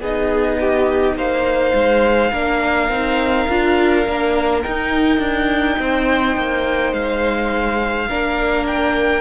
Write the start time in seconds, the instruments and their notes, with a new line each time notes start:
0.00 cello B3, viola D#4, violin G#4 D#5
0.60 violin G4
1.15 cello A#3, violin C5 F5
1.74 cello G#3
2.32 cello A#3, viola D4, violin A#4
2.89 cello C4, viola D#4
3.49 cello D4, viola F4
4.05 cello A#3, viola D4
4.63 viola D#4, cello D#4, violin G5
5.19 cello D4
5.79 cello C4, violin C5
6.36 cello A#3
6.93 cello G#3, violin F5
8.08 cello A#3, viola D4, violin A#4
8.67 violin G5